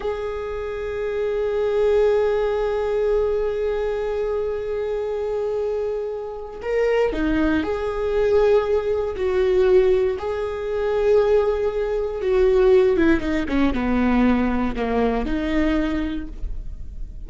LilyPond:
\new Staff \with { instrumentName = "viola" } { \time 4/4 \tempo 4 = 118 gis'1~ | gis'1~ | gis'1~ | gis'4 ais'4 dis'4 gis'4~ |
gis'2 fis'2 | gis'1 | fis'4. e'8 dis'8 cis'8 b4~ | b4 ais4 dis'2 | }